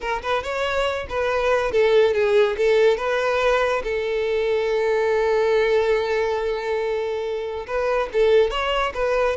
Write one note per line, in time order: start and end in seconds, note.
0.00 0.22 A#4
0.22 0.43 B4
0.43 1.07 C#5
1.09 1.71 B4
1.71 2.14 A4
2.14 2.56 G#4
2.57 2.97 A4
2.97 3.82 B4
3.83 7.66 A4
7.66 8.09 B4
8.13 8.50 A4
8.50 8.92 C#5
8.94 9.36 B4